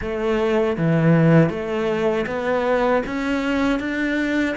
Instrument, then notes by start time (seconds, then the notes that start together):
cello
0.01 A3
0.77 E3
1.49 A3
2.26 B3
3.06 C#4
3.79 D4